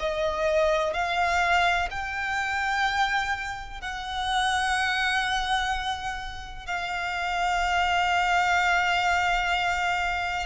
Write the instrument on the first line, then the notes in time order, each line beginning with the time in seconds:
violin
0.00 D#5
0.93 F5
1.90 G5
3.81 F#5
6.66 F5